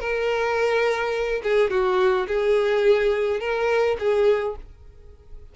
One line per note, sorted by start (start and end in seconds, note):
0.00 1.42 A#4
1.44 1.71 G#4
1.71 2.27 F#4
2.28 3.40 G#4
3.40 3.97 A#4
3.99 4.56 G#4